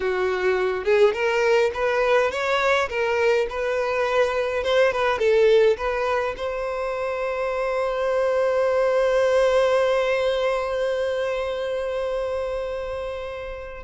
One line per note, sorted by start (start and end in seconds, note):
0.00 0.84 F#4
0.84 1.13 G#4
1.13 1.71 A#4
1.73 2.31 B4
2.31 2.88 C#5
2.89 3.46 A#4
3.49 4.63 B4
4.63 4.92 C5
4.92 5.18 B4
5.18 5.76 A4
5.77 6.34 B4
6.36 13.83 C5